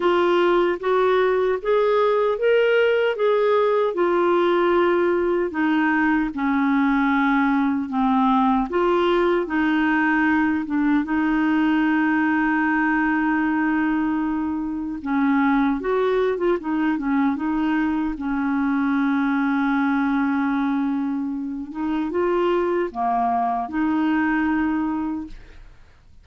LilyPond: \new Staff \with { instrumentName = "clarinet" } { \time 4/4 \tempo 4 = 76 f'4 fis'4 gis'4 ais'4 | gis'4 f'2 dis'4 | cis'2 c'4 f'4 | dis'4. d'8 dis'2~ |
dis'2. cis'4 | fis'8. f'16 dis'8 cis'8 dis'4 cis'4~ | cis'2.~ cis'8 dis'8 | f'4 ais4 dis'2 | }